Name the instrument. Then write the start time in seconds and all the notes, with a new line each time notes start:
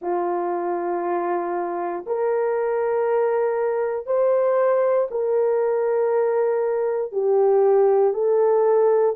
horn
0.01 F4
2.06 A#4
4.06 C5
5.10 A#4
7.12 G4
8.14 A4